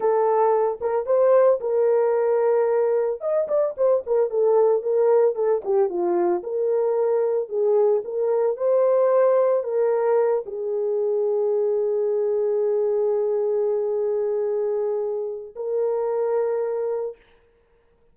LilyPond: \new Staff \with { instrumentName = "horn" } { \time 4/4 \tempo 4 = 112 a'4. ais'8 c''4 ais'4~ | ais'2 dis''8 d''8 c''8 ais'8 | a'4 ais'4 a'8 g'8 f'4 | ais'2 gis'4 ais'4 |
c''2 ais'4. gis'8~ | gis'1~ | gis'1~ | gis'4 ais'2. | }